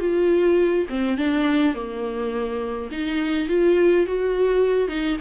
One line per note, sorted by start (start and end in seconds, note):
0.00 0.87 F4
0.90 1.17 C4
1.17 1.75 D4
1.75 2.90 A#3
2.92 3.49 D#4
3.49 4.06 F4
4.07 4.88 F#4
4.88 5.17 D#4